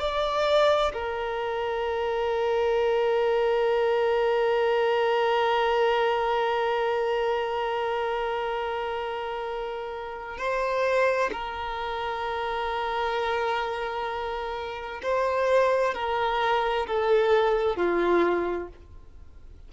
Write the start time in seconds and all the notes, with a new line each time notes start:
0.00 D5
0.94 A#4
10.38 C5
11.32 A#4
15.03 C5
15.94 A#4
16.87 A4
17.76 F4